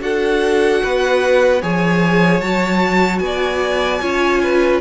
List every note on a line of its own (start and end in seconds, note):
0.00 0.81 D4
0.00 1.60 F#4
0.00 0.83 A4
0.00 1.62 F#5
0.83 1.62 B3
0.83 1.62 B4
1.62 2.41 F3
1.62 2.42 G#4
1.62 3.22 C#5
1.62 2.41 G#5
2.41 3.20 F#3
2.41 4.01 F#4
2.41 3.18 A5
3.18 4.00 B3
3.18 4.78 G#5
3.26 4.02 D5
4.01 4.81 C#4
4.01 4.81 F4
4.01 4.42 C#5
4.43 4.81 B4